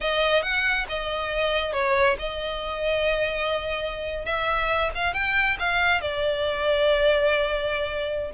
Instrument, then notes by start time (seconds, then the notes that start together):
violin
0.00 D#5
0.42 F#5
0.88 D#5
1.73 C#5
2.18 D#5
4.25 E5
4.94 F5
5.13 G5
5.59 F5
6.01 D5